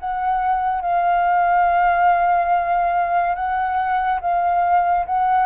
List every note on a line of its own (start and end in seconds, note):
0.00 0.82 F#5
0.82 3.36 F5
3.36 4.20 F#5
4.21 5.06 F5
5.07 5.47 F#5